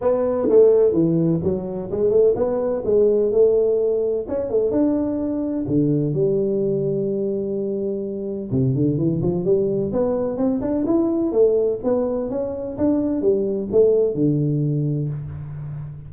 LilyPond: \new Staff \with { instrumentName = "tuba" } { \time 4/4 \tempo 4 = 127 b4 a4 e4 fis4 | gis8 a8 b4 gis4 a4~ | a4 cis'8 a8 d'2 | d4 g2.~ |
g2 c8 d8 e8 f8 | g4 b4 c'8 d'8 e'4 | a4 b4 cis'4 d'4 | g4 a4 d2 | }